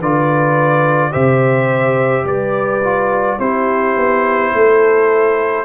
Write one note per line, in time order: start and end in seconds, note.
0.00 1.13 D3
0.00 1.12 F4
0.00 1.11 B4
0.00 1.12 D5
1.11 2.24 C3
1.11 2.81 G4
1.11 2.24 C5
1.11 2.26 E5
2.24 3.37 G3
2.24 3.39 B4
2.24 3.40 D5
2.83 3.39 F4
3.39 3.96 C4
3.39 5.65 E4
3.39 4.53 G4
3.39 5.65 C5
3.96 4.53 B3
4.53 5.65 A3
4.53 5.65 A4